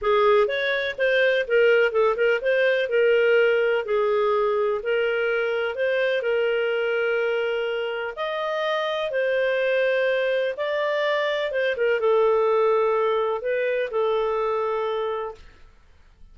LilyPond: \new Staff \with { instrumentName = "clarinet" } { \time 4/4 \tempo 4 = 125 gis'4 cis''4 c''4 ais'4 | a'8 ais'8 c''4 ais'2 | gis'2 ais'2 | c''4 ais'2.~ |
ais'4 dis''2 c''4~ | c''2 d''2 | c''8 ais'8 a'2. | b'4 a'2. | }